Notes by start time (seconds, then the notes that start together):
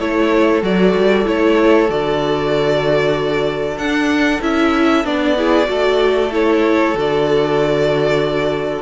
0.00 A3 E4 A4 C#5
0.62 F#3 F#4 D5
0.95 G3
1.25 A3 E4 C#5
1.89 D3 F#4 D5
3.77 D4 F#5
4.42 C#4 E4 E5
5.05 B3 D4 D5
5.37 E4 G#4
5.65 A3 F#4 A4
6.32 E4 C#5
6.94 D3 F#4 D5